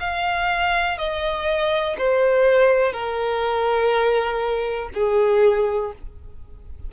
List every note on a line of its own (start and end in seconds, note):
0.00 0.98 F5
0.98 1.97 D#5
1.99 2.93 C5
2.93 4.90 A#4
4.94 5.93 G#4